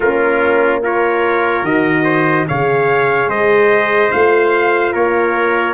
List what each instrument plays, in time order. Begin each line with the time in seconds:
0.00 tuba A#3, horn C#4, trumpet F4 A#4
0.82 horn F4, trumpet A#4 C#5
1.62 tuba D#3, horn F#4, trumpet D#5
2.04 trumpet C5
2.47 tuba C#3, horn G#4, trumpet C#5 F5
3.27 tuba G#3, trumpet C5 D#5
4.11 tuba A3, horn F4, trumpet F5
4.92 tuba A#3, trumpet A#4 C#5